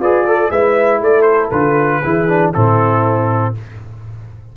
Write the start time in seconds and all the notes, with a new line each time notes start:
0.00 F4 G#4 B4 D5
0.26 A4
0.51 G#3 E4 B4 E5
1.00 A3 A4 D5
1.22 C5
1.51 D3 F4 B4
2.04 E3 E4 G#4
2.29 D4
2.54 A2 C4 E4 A4